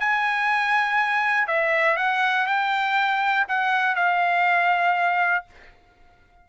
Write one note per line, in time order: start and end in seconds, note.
0.00 1.48 G#5
1.48 1.97 E5
1.97 2.47 F#5
2.47 3.47 G5
3.49 3.96 F#5
3.96 5.46 F5